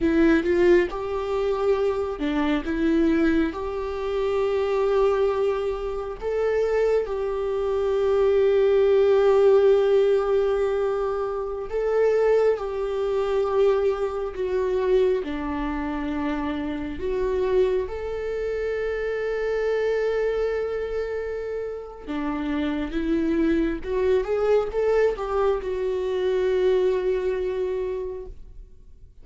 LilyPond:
\new Staff \with { instrumentName = "viola" } { \time 4/4 \tempo 4 = 68 e'8 f'8 g'4. d'8 e'4 | g'2. a'4 | g'1~ | g'4~ g'16 a'4 g'4.~ g'16~ |
g'16 fis'4 d'2 fis'8.~ | fis'16 a'2.~ a'8.~ | a'4 d'4 e'4 fis'8 gis'8 | a'8 g'8 fis'2. | }